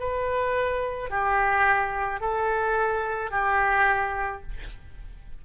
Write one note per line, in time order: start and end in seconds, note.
0.00 1.11 B4
1.11 2.21 G4
2.21 3.31 A4
3.31 4.42 G4